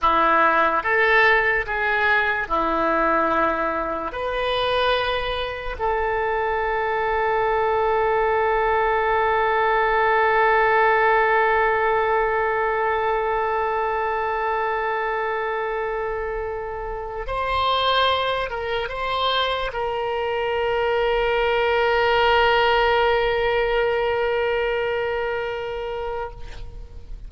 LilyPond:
\new Staff \with { instrumentName = "oboe" } { \time 4/4 \tempo 4 = 73 e'4 a'4 gis'4 e'4~ | e'4 b'2 a'4~ | a'1~ | a'1~ |
a'1~ | a'4 c''4. ais'8 c''4 | ais'1~ | ais'1 | }